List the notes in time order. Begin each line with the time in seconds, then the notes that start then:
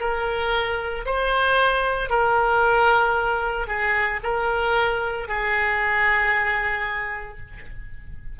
0.00 A#4
1.05 C5
2.10 A#4
3.67 G#4
4.23 A#4
5.28 G#4